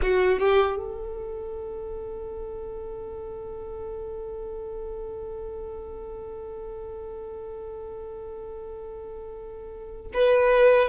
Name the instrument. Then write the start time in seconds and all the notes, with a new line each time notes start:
violin
0.01 F#4
0.39 G4
0.76 A4
10.13 B4